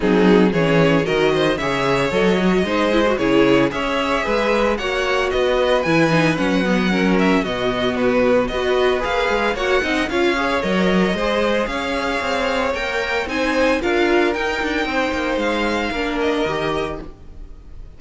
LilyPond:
<<
  \new Staff \with { instrumentName = "violin" } { \time 4/4 \tempo 4 = 113 gis'4 cis''4 dis''4 e''4 | dis''2 cis''4 e''4~ | e''4 fis''4 dis''4 gis''4 | fis''4. e''8 dis''4 b'4 |
dis''4 f''4 fis''4 f''4 | dis''2 f''2 | g''4 gis''4 f''4 g''4~ | g''4 f''4. dis''4. | }
  \new Staff \with { instrumentName = "violin" } { \time 4/4 dis'4 gis'4 ais'8 c''8 cis''4~ | cis''4 c''4 gis'4 cis''4 | b'4 cis''4 b'2~ | b'4 ais'4 fis'2 |
b'2 cis''8 dis''8 cis''4~ | cis''4 c''4 cis''2~ | cis''4 c''4 ais'2 | c''2 ais'2 | }
  \new Staff \with { instrumentName = "viola" } { \time 4/4 c'4 cis'4 fis'4 gis'4 | a'8 fis'8 dis'8 e'16 fis'16 e'4 gis'4~ | gis'4 fis'2 e'8 dis'8 | cis'8 b8 cis'4 b2 |
fis'4 gis'4 fis'8 dis'8 f'8 gis'8 | ais'4 gis'2. | ais'4 dis'4 f'4 dis'4~ | dis'2 d'4 g'4 | }
  \new Staff \with { instrumentName = "cello" } { \time 4/4 fis4 e4 dis4 cis4 | fis4 gis4 cis4 cis'4 | gis4 ais4 b4 e4 | fis2 b,2 |
b4 ais8 gis8 ais8 c'8 cis'4 | fis4 gis4 cis'4 c'4 | ais4 c'4 d'4 dis'8 d'8 | c'8 ais8 gis4 ais4 dis4 | }
>>